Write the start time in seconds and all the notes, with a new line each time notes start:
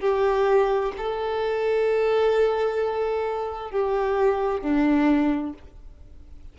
0.00 G4
0.97 A4
3.71 G4
4.61 D4